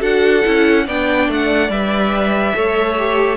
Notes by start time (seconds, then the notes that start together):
0.00 D4 F#4 A4 F#5
0.44 C#4 E4
0.87 B3 D4 D5 G5
1.28 A3 F#5
1.69 G3 B4 E5
2.54 A3 A4 C#5
2.98 G4